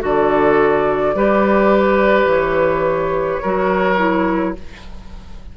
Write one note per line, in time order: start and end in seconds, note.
0.00 1.14 D3
0.00 1.13 F#4
0.00 1.15 A4
0.00 2.29 D5
1.14 2.25 G3
1.14 3.42 G4
1.14 3.42 B4
2.25 3.38 E3
2.25 4.55 C#5
3.42 4.57 F#3
3.42 3.97 F#4
3.42 4.55 A#4
3.97 4.54 E4